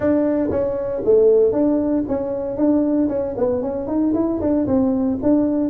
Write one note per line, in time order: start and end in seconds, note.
0.00 0.50 D4
0.50 1.02 C#4
1.05 1.52 A3
1.52 2.04 D4
2.08 2.57 C#4
2.57 3.08 D4
3.08 3.34 C#4
3.37 3.62 B3
3.62 3.87 C#4
3.87 4.13 D#4
4.14 4.39 E4
4.40 4.66 D4
4.66 5.18 C4
5.22 5.69 D4